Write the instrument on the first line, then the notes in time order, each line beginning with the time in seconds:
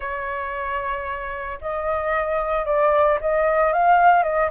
flute
0.00 C#5
1.61 D#5
2.65 D5
3.20 D#5
3.73 F5
4.23 D#5